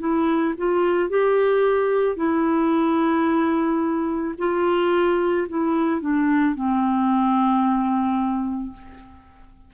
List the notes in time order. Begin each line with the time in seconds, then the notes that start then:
0.00 E4
0.58 F4
1.10 G4
2.17 E4
4.39 F4
5.49 E4
6.01 D4
6.55 C4